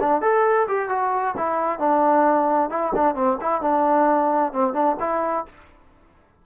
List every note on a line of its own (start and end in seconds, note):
0.00 0.21 D4
0.21 0.67 A4
0.68 0.89 G4
0.89 1.34 F#4
1.37 1.79 E4
1.79 2.69 D4
2.69 2.92 E4
2.95 3.15 D4
3.15 3.38 C4
3.41 3.61 E4
3.61 4.52 D4
4.52 4.73 C4
4.73 4.96 D4
5.00 5.45 E4